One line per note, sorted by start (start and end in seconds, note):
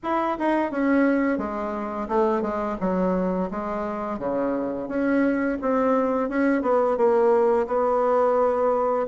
0.03 0.38 E4
0.38 0.71 D#4
0.71 1.38 C#4
1.38 2.07 G#3
2.08 2.42 A3
2.42 2.77 G#3
2.80 3.50 F#3
3.50 4.18 G#3
4.18 4.88 C#3
4.88 5.58 C#4
5.61 6.29 C4
6.29 6.62 C#4
6.62 6.97 B3
6.97 7.66 A#3
7.67 9.06 B3